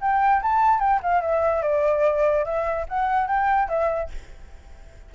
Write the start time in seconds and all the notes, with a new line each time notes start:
0.00 G5
0.42 A5
0.79 G5
1.02 F5
1.21 E5
1.62 D5
2.45 E5
2.88 F#5
3.27 G5
3.68 E5